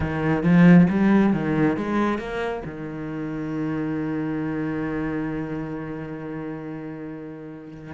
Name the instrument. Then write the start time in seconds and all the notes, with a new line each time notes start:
cello
0.00 D#3
0.43 F3
0.89 G3
1.33 D#3
1.76 G#3
2.18 A#3
2.65 D#3